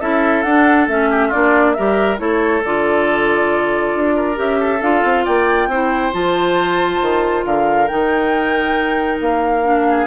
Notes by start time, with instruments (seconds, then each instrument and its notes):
0.00 bassoon C#4, clarinet E4, oboe A4, flute E5
0.43 bassoon D4, clarinet D4, flute F#5
0.87 bassoon A3, clarinet C#4, flute E5
1.10 oboe G4
1.28 clarinet D4, oboe F4, flute D5
1.34 bassoon A#3
1.73 bassoon G3, clarinet G4, oboe A#4, flute E5
2.18 bassoon A3, clarinet E4, oboe A4, flute C#5
2.64 bassoon D3, clarinet F4, flute D5
3.95 bassoon D4
4.15 oboe A#4
4.35 bassoon C#4, clarinet G4, flute E5
4.60 oboe A4
4.81 bassoon D4, clarinet F4, flute F5
5.04 bassoon C4
5.24 bassoon A#3, oboe D5, flute G5
5.67 bassoon C4, clarinet E4, oboe C5
6.13 bassoon F3, clarinet F4, flute A5
7.01 bassoon D#3
7.44 bassoon D3, oboe A#4, flute F5
7.87 bassoon D#3, clarinet D#4, flute G5
9.20 bassoon A#3, flute F5
9.64 clarinet D4
9.89 oboe G#4